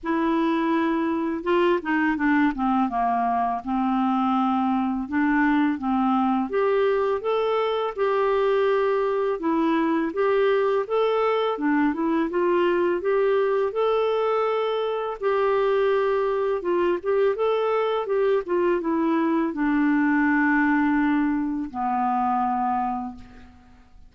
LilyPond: \new Staff \with { instrumentName = "clarinet" } { \time 4/4 \tempo 4 = 83 e'2 f'8 dis'8 d'8 c'8 | ais4 c'2 d'4 | c'4 g'4 a'4 g'4~ | g'4 e'4 g'4 a'4 |
d'8 e'8 f'4 g'4 a'4~ | a'4 g'2 f'8 g'8 | a'4 g'8 f'8 e'4 d'4~ | d'2 b2 | }